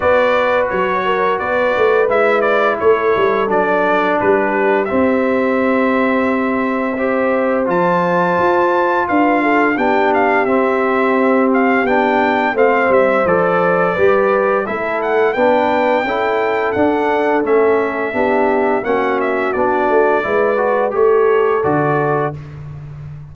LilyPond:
<<
  \new Staff \with { instrumentName = "trumpet" } { \time 4/4 \tempo 4 = 86 d''4 cis''4 d''4 e''8 d''8 | cis''4 d''4 b'4 e''4~ | e''2. a''4~ | a''4 f''4 g''8 f''8 e''4~ |
e''8 f''8 g''4 f''8 e''8 d''4~ | d''4 e''8 fis''8 g''2 | fis''4 e''2 fis''8 e''8 | d''2 cis''4 d''4 | }
  \new Staff \with { instrumentName = "horn" } { \time 4/4 b'4. ais'8 b'2 | a'2 g'2~ | g'2 c''2~ | c''4 b'8 a'8 g'2~ |
g'2 c''2 | b'4 a'4 b'4 a'4~ | a'2 g'4 fis'4~ | fis'4 b'4 a'2 | }
  \new Staff \with { instrumentName = "trombone" } { \time 4/4 fis'2. e'4~ | e'4 d'2 c'4~ | c'2 g'4 f'4~ | f'2 d'4 c'4~ |
c'4 d'4 c'4 a'4 | g'4 e'4 d'4 e'4 | d'4 cis'4 d'4 cis'4 | d'4 e'8 fis'8 g'4 fis'4 | }
  \new Staff \with { instrumentName = "tuba" } { \time 4/4 b4 fis4 b8 a8 gis4 | a8 g8 fis4 g4 c'4~ | c'2. f4 | f'4 d'4 b4 c'4~ |
c'4 b4 a8 g8 f4 | g4 a4 b4 cis'4 | d'4 a4 b4 ais4 | b8 a8 gis4 a4 d4 | }
>>